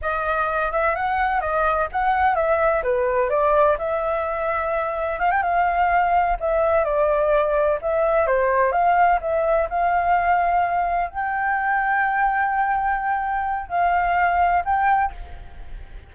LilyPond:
\new Staff \with { instrumentName = "flute" } { \time 4/4 \tempo 4 = 127 dis''4. e''8 fis''4 dis''4 | fis''4 e''4 b'4 d''4 | e''2. f''16 g''16 f''8~ | f''4. e''4 d''4.~ |
d''8 e''4 c''4 f''4 e''8~ | e''8 f''2. g''8~ | g''1~ | g''4 f''2 g''4 | }